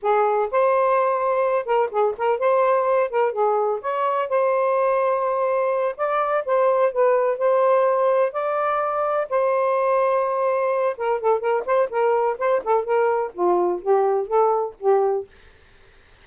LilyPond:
\new Staff \with { instrumentName = "saxophone" } { \time 4/4 \tempo 4 = 126 gis'4 c''2~ c''8 ais'8 | gis'8 ais'8 c''4. ais'8 gis'4 | cis''4 c''2.~ | c''8 d''4 c''4 b'4 c''8~ |
c''4. d''2 c''8~ | c''2. ais'8 a'8 | ais'8 c''8 ais'4 c''8 a'8 ais'4 | f'4 g'4 a'4 g'4 | }